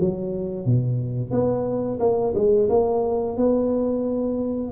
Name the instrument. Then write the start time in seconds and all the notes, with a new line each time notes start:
tuba
0.00 F#3
0.66 B2
1.31 B3
2.00 A#3
2.35 G#3
2.69 A#3
3.37 B3